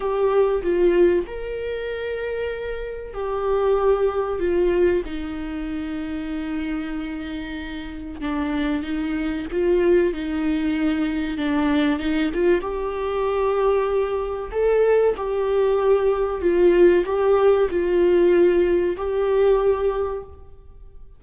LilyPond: \new Staff \with { instrumentName = "viola" } { \time 4/4 \tempo 4 = 95 g'4 f'4 ais'2~ | ais'4 g'2 f'4 | dis'1~ | dis'4 d'4 dis'4 f'4 |
dis'2 d'4 dis'8 f'8 | g'2. a'4 | g'2 f'4 g'4 | f'2 g'2 | }